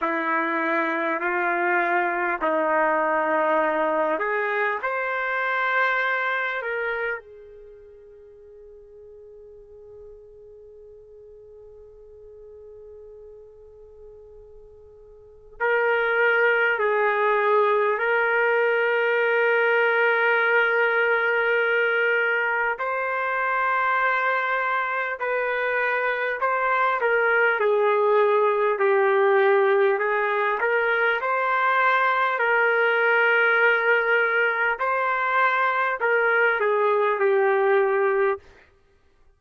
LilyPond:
\new Staff \with { instrumentName = "trumpet" } { \time 4/4 \tempo 4 = 50 e'4 f'4 dis'4. gis'8 | c''4. ais'8 gis'2~ | gis'1~ | gis'4 ais'4 gis'4 ais'4~ |
ais'2. c''4~ | c''4 b'4 c''8 ais'8 gis'4 | g'4 gis'8 ais'8 c''4 ais'4~ | ais'4 c''4 ais'8 gis'8 g'4 | }